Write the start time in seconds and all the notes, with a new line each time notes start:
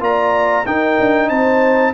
0.00 A#3 F4 D5 A#5
0.66 D#4 A#4 G5
0.99 D4
1.29 C4 C5 A5